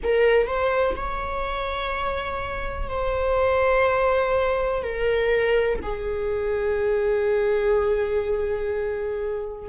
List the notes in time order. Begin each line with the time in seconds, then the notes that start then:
0.03 A#4
0.47 C5
0.95 C#5
2.89 C5
4.83 A#4
5.82 G#4